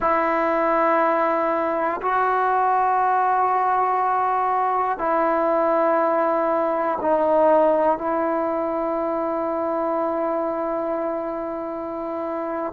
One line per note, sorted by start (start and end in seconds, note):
0.00 2.00 E4
2.01 4.98 F#4
4.98 6.98 E4
7.00 7.97 D#4
7.97 12.73 E4